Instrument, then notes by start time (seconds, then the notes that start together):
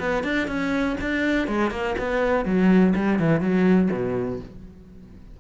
cello
0.00 B3
0.24 D4
0.48 C#4
1.02 D4
1.48 G#3
1.72 A#3
1.99 B3
2.46 F#3
2.96 G3
3.20 E3
3.41 F#3
3.92 B2